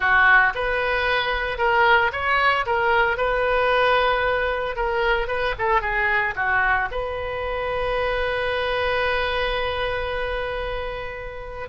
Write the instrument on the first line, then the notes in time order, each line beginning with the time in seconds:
oboe
0.00 F#4
0.54 B4
1.58 A#4
2.12 C#5
2.66 A#4
3.17 B4
4.76 A#4
5.27 B4
5.58 A4
5.81 G#4
6.35 F#4
6.91 B4